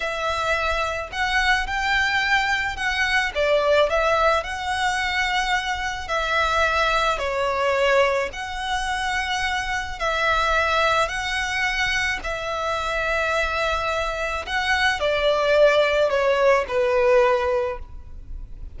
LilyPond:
\new Staff \with { instrumentName = "violin" } { \time 4/4 \tempo 4 = 108 e''2 fis''4 g''4~ | g''4 fis''4 d''4 e''4 | fis''2. e''4~ | e''4 cis''2 fis''4~ |
fis''2 e''2 | fis''2 e''2~ | e''2 fis''4 d''4~ | d''4 cis''4 b'2 | }